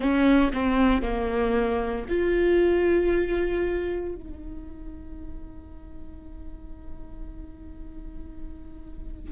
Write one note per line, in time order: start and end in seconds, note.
0.00 0.51 C#4
0.52 1.02 C4
1.02 2.05 A#3
2.08 4.15 F4
4.15 9.32 D#4